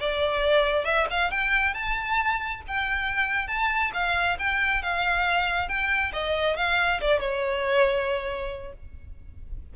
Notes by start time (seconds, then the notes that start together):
0.00 D5
0.85 E5
1.10 F5
1.31 G5
1.74 A5
2.68 G5
3.48 A5
3.94 F5
4.39 G5
4.83 F5
5.68 G5
6.13 D#5
6.57 F5
7.01 D5
7.20 C#5